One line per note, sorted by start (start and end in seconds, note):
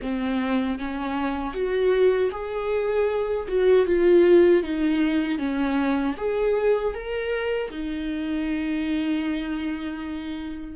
0.02 0.78 C4
0.78 1.53 C#4
1.53 2.30 F#4
2.31 3.47 G#4
3.48 3.86 F#4
3.86 4.63 F4
4.63 5.38 D#4
5.38 6.15 C#4
6.17 6.94 G#4
6.94 7.70 A#4
7.70 10.76 D#4